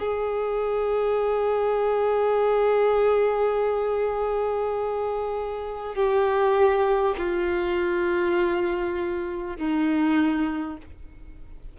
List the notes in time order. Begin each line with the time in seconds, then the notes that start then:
0.00 G#4
5.96 G4
7.18 F4
9.58 D#4